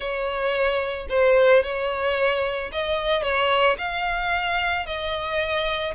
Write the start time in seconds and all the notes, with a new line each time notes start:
0.00 C#5
1.09 C5
1.63 C#5
2.71 D#5
3.22 C#5
3.78 F5
4.86 D#5